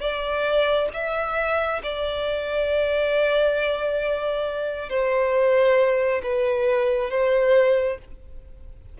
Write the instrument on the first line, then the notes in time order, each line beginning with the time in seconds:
violin
0.00 D5
0.93 E5
1.83 D5
4.89 C5
6.22 B4
7.10 C5